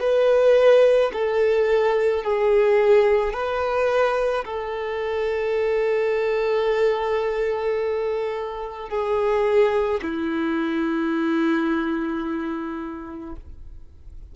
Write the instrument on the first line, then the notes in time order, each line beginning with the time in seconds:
violin
0.00 B4
1.13 A4
2.24 G#4
3.33 B4
4.45 A4
8.89 G#4
10.02 E4